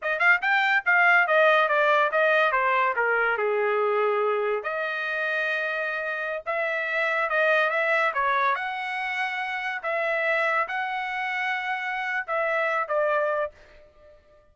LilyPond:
\new Staff \with { instrumentName = "trumpet" } { \time 4/4 \tempo 4 = 142 dis''8 f''8 g''4 f''4 dis''4 | d''4 dis''4 c''4 ais'4 | gis'2. dis''4~ | dis''2.~ dis''16 e''8.~ |
e''4~ e''16 dis''4 e''4 cis''8.~ | cis''16 fis''2. e''8.~ | e''4~ e''16 fis''2~ fis''8.~ | fis''4 e''4. d''4. | }